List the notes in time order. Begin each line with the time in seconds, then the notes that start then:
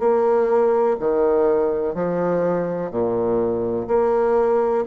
0.00 A#3
1.00 D#3
1.94 F3
2.91 A#2
3.88 A#3